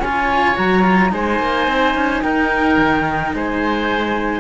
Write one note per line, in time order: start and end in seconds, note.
0.00 0.56 C#4
0.00 0.55 F4
0.00 1.11 C#5
0.00 0.57 G#5
0.55 1.13 F#3
0.55 0.83 F#4
0.55 1.13 A#5
0.83 1.10 F4
1.10 1.40 G#3
1.10 4.41 D#4
1.10 2.24 C5
1.10 2.22 G#5
1.40 1.67 A#3
1.67 1.95 C4
1.95 2.23 C#4
2.22 2.78 D#4
2.22 3.35 A#4
2.22 3.34 G5
2.78 3.34 D#3
3.34 4.41 G#3
3.34 4.41 C5
3.34 4.41 G#5